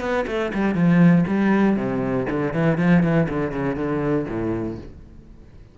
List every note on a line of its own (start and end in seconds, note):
0.00 0.25 B3
0.27 0.52 A3
0.54 0.75 G3
0.75 1.25 F3
1.27 1.76 G3
1.76 2.26 C3
2.30 2.53 D3
2.53 2.78 E3
2.78 3.03 F3
3.03 3.28 E3
3.29 3.52 D3
3.52 3.75 C#3
3.75 4.25 D3
4.28 4.78 A2